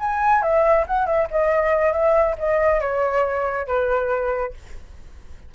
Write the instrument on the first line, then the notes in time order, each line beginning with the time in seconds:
flute
0.00 G#5
0.43 E5
0.88 F#5
1.07 E5
1.31 D#5
1.93 E5
2.39 D#5
2.81 C#5
3.67 B4